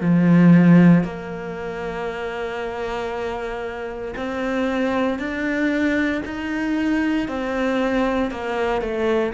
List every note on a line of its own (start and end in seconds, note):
0.00 1.03 F3
1.03 4.14 A#3
4.16 5.19 C4
5.19 6.22 D4
6.25 7.28 D#4
7.28 8.31 C4
8.31 8.81 A#3
8.81 9.33 A3